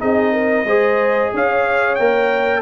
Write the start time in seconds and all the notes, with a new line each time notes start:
0.00 C4 D#4 G#4 D#5
0.33 A#4
0.64 G#3 G#4 C5
1.34 C#4 C#5 F5
1.96 A#3 A#4 G5